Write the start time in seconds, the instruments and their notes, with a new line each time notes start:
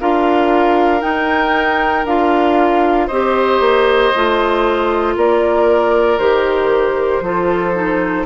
0.00 bassoon D4, clarinet F4, oboe A#4, flute F5
1.00 clarinet D#4, bassoon D#4, flute G5
2.05 bassoon D4, clarinet F4, flute F5
3.07 bassoon C4, clarinet G4, oboe C5, flute D#5
3.60 bassoon A#3
4.15 bassoon A3, clarinet F4
5.16 bassoon A#3, oboe A#4, flute D5
6.19 bassoon D#3, clarinet G4, flute C5
7.20 bassoon F3, clarinet F4, oboe A4
7.74 clarinet D#4